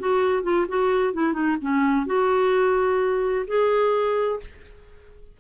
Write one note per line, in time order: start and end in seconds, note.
0.00 0.44 F#4
0.44 0.67 F4
0.69 1.14 F#4
1.14 1.34 E4
1.34 1.57 D#4
1.62 2.07 C#4
2.07 3.46 F#4
3.47 4.40 G#4